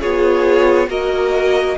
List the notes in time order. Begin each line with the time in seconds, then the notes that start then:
0.00 B3 F4 G#4 C#5
0.87 A#3 F#4 A#4 D#5